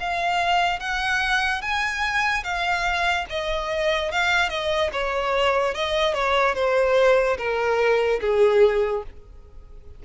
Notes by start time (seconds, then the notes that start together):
0.00 F5
0.80 F#5
1.62 G#5
2.44 F5
3.30 D#5
4.12 F5
4.49 D#5
4.92 C#5
5.74 D#5
6.14 C#5
6.55 C5
7.38 A#4
8.21 G#4